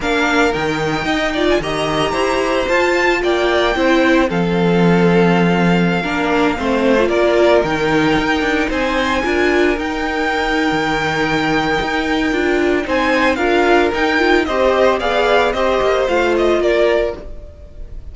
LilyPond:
<<
  \new Staff \with { instrumentName = "violin" } { \time 4/4 \tempo 4 = 112 f''4 g''4.~ g''16 gis''16 ais''4~ | ais''4 a''4 g''2 | f''1~ | f''4~ f''16 d''4 g''4.~ g''16~ |
g''16 gis''2 g''4.~ g''16~ | g''1 | gis''4 f''4 g''4 dis''4 | f''4 dis''4 f''8 dis''8 d''4 | }
  \new Staff \with { instrumentName = "violin" } { \time 4/4 ais'2 dis''8 d''8 dis''4 | c''2 d''4 c''4 | a'2.~ a'16 ais'8.~ | ais'16 c''4 ais'2~ ais'8.~ |
ais'16 c''4 ais'2~ ais'8.~ | ais'1 | c''4 ais'2 c''4 | d''4 c''2 ais'4 | }
  \new Staff \with { instrumentName = "viola" } { \time 4/4 d'4 dis'4. f'8 g'4~ | g'4 f'2 e'4 | c'2.~ c'16 d'8.~ | d'16 c'8. f'4~ f'16 dis'4.~ dis'16~ |
dis'4~ dis'16 f'4 dis'4.~ dis'16~ | dis'2. f'4 | dis'4 f'4 dis'8 f'8 g'4 | gis'4 g'4 f'2 | }
  \new Staff \with { instrumentName = "cello" } { \time 4/4 ais4 dis4 dis'4 dis4 | e'4 f'4 ais4 c'4 | f2.~ f16 ais8.~ | ais16 a4 ais4 dis4 dis'8 d'16~ |
d'16 c'4 d'4 dis'4.~ dis'16 | dis2 dis'4 d'4 | c'4 d'4 dis'4 c'4 | b4 c'8 ais8 a4 ais4 | }
>>